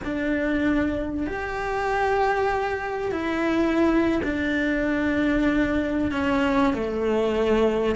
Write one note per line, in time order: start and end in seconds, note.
0.04 1.26 D4
1.26 3.11 G4
3.11 4.21 E4
4.23 6.11 D4
6.11 6.73 C#4
6.73 7.95 A3